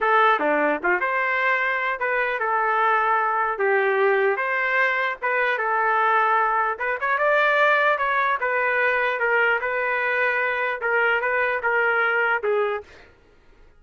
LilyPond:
\new Staff \with { instrumentName = "trumpet" } { \time 4/4 \tempo 4 = 150 a'4 d'4 f'8 c''4.~ | c''4 b'4 a'2~ | a'4 g'2 c''4~ | c''4 b'4 a'2~ |
a'4 b'8 cis''8 d''2 | cis''4 b'2 ais'4 | b'2. ais'4 | b'4 ais'2 gis'4 | }